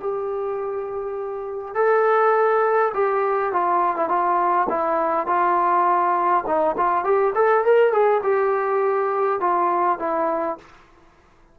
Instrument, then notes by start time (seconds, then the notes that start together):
trombone
0.00 G4
1.75 A4
2.94 G4
3.53 F4
3.96 E4
4.09 F4
4.70 E4
5.27 F4
6.47 D#4
6.77 F4
7.04 G4
7.35 A4
7.65 A#4
7.92 G#4
8.23 G4
9.40 F4
9.99 E4